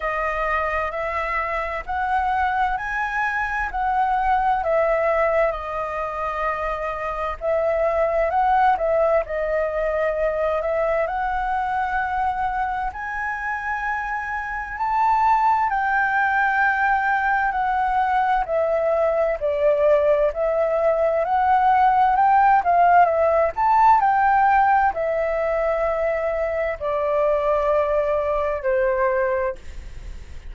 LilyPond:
\new Staff \with { instrumentName = "flute" } { \time 4/4 \tempo 4 = 65 dis''4 e''4 fis''4 gis''4 | fis''4 e''4 dis''2 | e''4 fis''8 e''8 dis''4. e''8 | fis''2 gis''2 |
a''4 g''2 fis''4 | e''4 d''4 e''4 fis''4 | g''8 f''8 e''8 a''8 g''4 e''4~ | e''4 d''2 c''4 | }